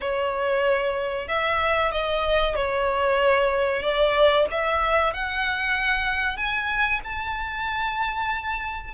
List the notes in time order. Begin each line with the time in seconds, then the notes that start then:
0.00 C#5
1.28 E5
1.91 D#5
2.55 C#5
3.82 D5
4.50 E5
5.13 F#5
6.36 G#5
7.04 A5